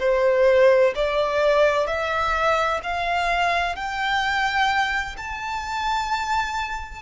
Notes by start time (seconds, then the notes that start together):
0.00 C5
0.95 D5
1.87 E5
2.83 F5
3.76 G5
5.18 A5